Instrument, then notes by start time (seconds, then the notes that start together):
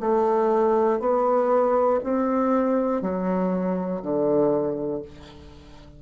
bassoon
0.00 A3
1.00 B3
2.04 C4
3.01 F#3
4.02 D3